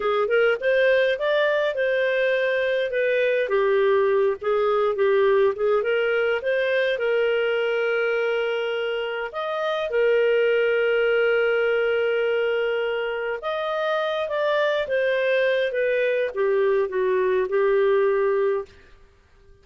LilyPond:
\new Staff \with { instrumentName = "clarinet" } { \time 4/4 \tempo 4 = 103 gis'8 ais'8 c''4 d''4 c''4~ | c''4 b'4 g'4. gis'8~ | gis'8 g'4 gis'8 ais'4 c''4 | ais'1 |
dis''4 ais'2.~ | ais'2. dis''4~ | dis''8 d''4 c''4. b'4 | g'4 fis'4 g'2 | }